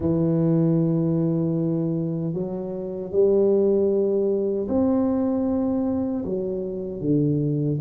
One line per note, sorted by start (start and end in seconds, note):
0.00 2.33 E3
2.33 3.11 F#3
3.11 4.67 G3
4.68 6.24 C4
6.24 7.00 F#3
7.00 7.78 D3